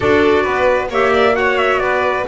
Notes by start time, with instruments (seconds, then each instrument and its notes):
0.00 double bass D4, clarinet F#4, violin A4, trumpet D5
0.43 double bass B3, violin B4
0.90 double bass A#3, clarinet G4, violin C#5, trumpet E5
1.13 violin D5
1.32 clarinet F#4, violin C#5, trumpet F#5
1.58 trumpet E5
1.79 double bass B3, violin B4, trumpet D5